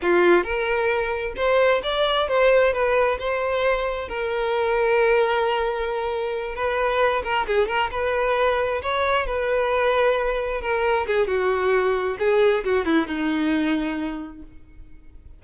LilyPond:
\new Staff \with { instrumentName = "violin" } { \time 4/4 \tempo 4 = 133 f'4 ais'2 c''4 | d''4 c''4 b'4 c''4~ | c''4 ais'2.~ | ais'2~ ais'8 b'4. |
ais'8 gis'8 ais'8 b'2 cis''8~ | cis''8 b'2. ais'8~ | ais'8 gis'8 fis'2 gis'4 | fis'8 e'8 dis'2. | }